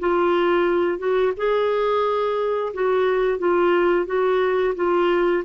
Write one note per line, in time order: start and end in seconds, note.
0.00 0.99 F4
0.99 1.33 F#4
1.37 2.73 G#4
2.74 3.39 F#4
3.39 4.06 F4
4.06 4.74 F#4
4.76 5.44 F4